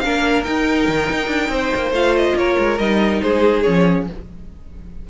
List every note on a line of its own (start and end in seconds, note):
0.00 0.47 A#3
0.00 0.45 D4
0.00 1.52 A#4
0.00 0.43 F5
0.44 1.94 D#4
0.44 0.88 D#4
0.44 1.93 G5
0.88 1.10 D#3
1.11 1.28 D#4
1.28 1.49 D4
1.49 1.70 C4
1.49 2.37 C5
1.75 1.91 A#3
1.91 2.34 A3
1.91 2.79 F4
1.91 2.16 F5
2.17 2.38 D#5
2.36 2.57 A#3
2.36 3.23 A#4
2.36 2.78 C#5
2.59 2.79 G#3
2.78 3.22 G3
2.78 3.65 D#4
2.78 3.21 D#5
3.22 3.66 G#3
3.22 4.08 G#4
3.22 3.63 C5
3.63 4.10 F3
3.63 4.08 C#4
3.63 4.06 C#5